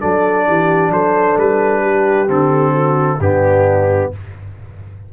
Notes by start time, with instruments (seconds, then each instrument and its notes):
0.00 tuba F#3, trombone D4, horn A4, trumpet D5
0.47 tuba E3, horn G4
0.90 tuba F#3, horn A4, trumpet C5
1.38 tuba G3, trumpet B4
1.82 horn G4
2.27 tuba D3, trombone C4, trumpet A4
2.73 horn F#4
3.20 tuba G2, trombone B3, horn D4, trumpet G4